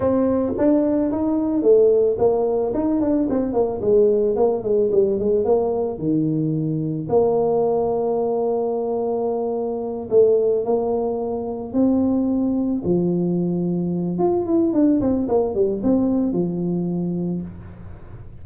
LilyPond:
\new Staff \with { instrumentName = "tuba" } { \time 4/4 \tempo 4 = 110 c'4 d'4 dis'4 a4 | ais4 dis'8 d'8 c'8 ais8 gis4 | ais8 gis8 g8 gis8 ais4 dis4~ | dis4 ais2.~ |
ais2~ ais8 a4 ais8~ | ais4. c'2 f8~ | f2 f'8 e'8 d'8 c'8 | ais8 g8 c'4 f2 | }